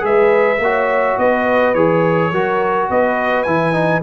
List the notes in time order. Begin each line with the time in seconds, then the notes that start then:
0.00 G#3 G#4 B4 E5
0.58 A#3 F#4 C#5
1.18 B3 B4 D#5
1.74 E3 G#4 C#5
2.32 F#3 F#4 A#4
2.90 B3 B4 D#5
3.43 E3 E4 G#5
3.73 D#4